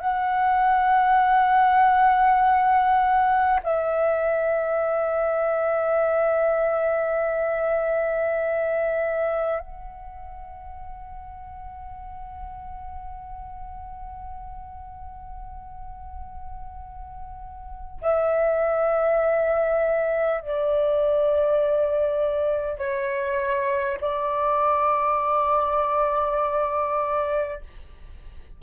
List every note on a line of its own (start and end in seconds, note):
0.00 3.60 F#5
3.63 9.59 E5
9.59 17.99 F#5
18.01 20.40 E5
20.40 22.78 D5
22.78 23.98 C#5
24.00 27.60 D5